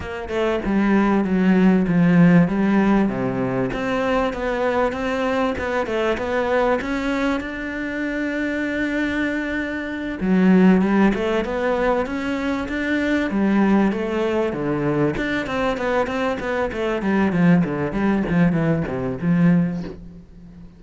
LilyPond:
\new Staff \with { instrumentName = "cello" } { \time 4/4 \tempo 4 = 97 ais8 a8 g4 fis4 f4 | g4 c4 c'4 b4 | c'4 b8 a8 b4 cis'4 | d'1~ |
d'8 fis4 g8 a8 b4 cis'8~ | cis'8 d'4 g4 a4 d8~ | d8 d'8 c'8 b8 c'8 b8 a8 g8 | f8 d8 g8 f8 e8 c8 f4 | }